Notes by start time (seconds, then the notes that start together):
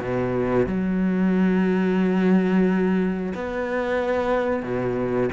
0.00 B2
0.67 F#3
3.35 B3
4.63 B2